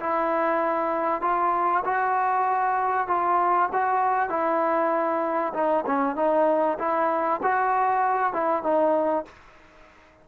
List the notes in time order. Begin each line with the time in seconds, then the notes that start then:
0.00 E4
1.21 F4
1.85 F#4
3.08 F4
3.73 F#4
4.29 E4
5.54 D#4
5.86 C#4
6.16 D#4
6.79 E4
7.43 F#4
8.33 E4
8.63 D#4